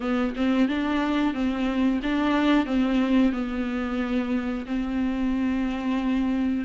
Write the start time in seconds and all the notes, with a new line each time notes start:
0.00 B3
0.35 C4
0.68 D4
1.33 C4
2.02 D4
2.65 C4
3.32 B3
4.66 C4